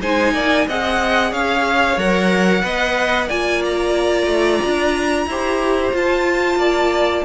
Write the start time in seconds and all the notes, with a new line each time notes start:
0.00 G#3 D#4 C5 G#5
0.33 A#3 D5
0.67 C4 G#4 D#5 F#5
1.31 C#4 C#5 F5
1.97 F#3 A#4 F#5
2.63 B3 B4 D#5
3.27 A#3 F4 D5 G#5
3.64 A#5
4.27 A3
4.65 D4
5.26 E4 G4 C5
5.93 F4 A5
6.55 A#3 D5